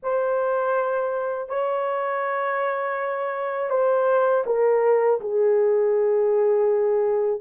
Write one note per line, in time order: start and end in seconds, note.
0.02 1.48 C5
1.48 3.70 C#5
3.70 4.44 C5
4.45 5.20 A#4
5.20 7.40 G#4